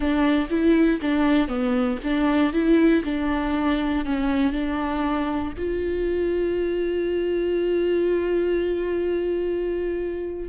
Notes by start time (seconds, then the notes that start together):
0.00 D4
0.50 E4
1.01 D4
1.48 B3
2.03 D4
2.52 E4
3.04 D4
4.05 C#4
4.52 D4
5.57 F4